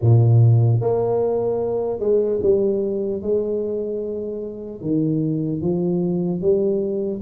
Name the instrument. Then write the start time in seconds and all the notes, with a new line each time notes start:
tuba
0.01 A#2
0.80 A#3
1.99 G#3
2.42 G3
3.22 G#3
4.81 D#3
5.61 F3
6.41 G3